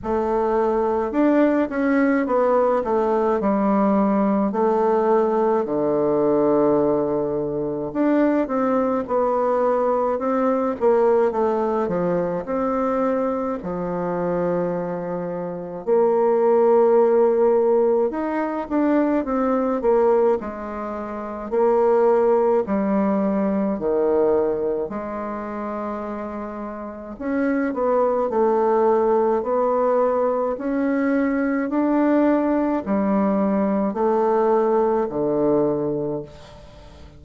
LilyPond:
\new Staff \with { instrumentName = "bassoon" } { \time 4/4 \tempo 4 = 53 a4 d'8 cis'8 b8 a8 g4 | a4 d2 d'8 c'8 | b4 c'8 ais8 a8 f8 c'4 | f2 ais2 |
dis'8 d'8 c'8 ais8 gis4 ais4 | g4 dis4 gis2 | cis'8 b8 a4 b4 cis'4 | d'4 g4 a4 d4 | }